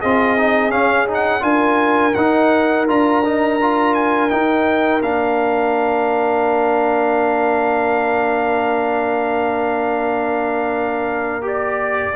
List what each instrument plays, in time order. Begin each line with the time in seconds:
0.00 tuba C4, trombone F4, horn G#4, trumpet D#5
0.37 trombone D#4
0.71 trombone C#4, tuba C#4, trumpet F5
1.07 trombone D#4
1.14 trumpet F#5
1.40 tuba D4, trombone F4, horn A#4, trumpet G#5
2.14 tuba D#4, trombone D#4, trumpet F#5
2.87 tuba D4, trombone F4, trumpet A#5
3.24 trombone D#4
3.61 trombone F4
3.94 trumpet G#5
4.30 trombone D#4, tuba D#4, trumpet G5
5.02 tuba A#3, trombone D4, trumpet F5
11.42 trombone G4, trumpet D5